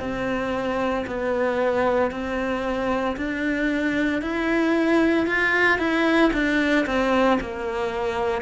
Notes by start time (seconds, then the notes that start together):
0.00 C4
1.07 B3
2.11 C4
3.17 D4
4.22 E4
5.27 F4
5.79 E4
6.33 D4
6.87 C4
7.41 A#3